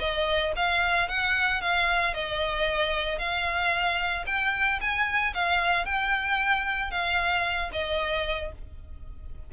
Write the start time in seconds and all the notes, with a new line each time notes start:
0.00 D#5
0.56 F5
1.09 F#5
1.62 F5
2.15 D#5
3.19 F5
4.27 G5
4.81 G#5
5.34 F5
5.86 G5
6.91 F5
7.73 D#5